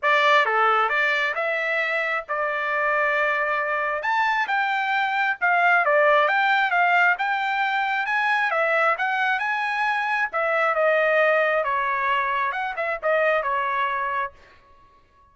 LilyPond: \new Staff \with { instrumentName = "trumpet" } { \time 4/4 \tempo 4 = 134 d''4 a'4 d''4 e''4~ | e''4 d''2.~ | d''4 a''4 g''2 | f''4 d''4 g''4 f''4 |
g''2 gis''4 e''4 | fis''4 gis''2 e''4 | dis''2 cis''2 | fis''8 e''8 dis''4 cis''2 | }